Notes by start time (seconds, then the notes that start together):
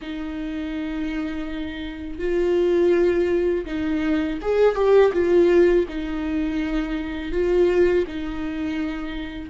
0.01 D#4
2.19 F4
3.66 D#4
4.41 G#4
4.75 G4
5.12 F4
5.88 D#4
7.32 F4
8.07 D#4